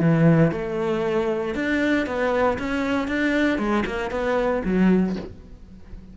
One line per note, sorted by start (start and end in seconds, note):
0.00 0.52 E3
0.52 1.55 A3
1.55 2.06 D4
2.06 2.58 B3
2.58 3.08 C#4
3.08 3.58 D4
3.58 3.84 G#3
3.86 4.11 A#3
4.11 4.62 B3
4.64 5.16 F#3